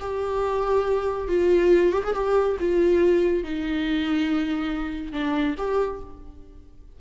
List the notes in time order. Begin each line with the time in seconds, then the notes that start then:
0.00 G4
1.28 F4
1.93 G4
2.04 G#4
2.14 G4
2.60 F4
3.44 D#4
5.13 D4
5.58 G4